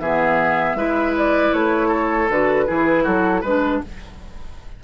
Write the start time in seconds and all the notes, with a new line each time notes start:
0.00 E3 B3 G#4 E5
0.75 G#3 E4 B4
1.18 D5
1.53 A3 C#5
1.88 A4
2.30 D3 F#4 B4
2.67 E3 E4 G#4
3.04 F#3 F#4 A4
3.41 G#3 D4 B4